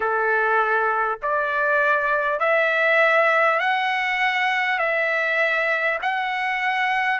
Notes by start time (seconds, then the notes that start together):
0.00 A4
1.22 D5
2.39 E5
3.59 F#5
4.78 E5
6.02 F#5